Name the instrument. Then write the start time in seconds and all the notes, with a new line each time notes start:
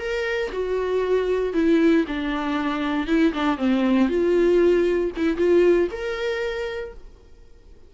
viola
0.00 A#4
0.52 F#4
1.54 E4
2.07 D4
3.07 E4
3.33 D4
3.58 C4
4.09 F4
5.17 E4
5.37 F4
5.91 A#4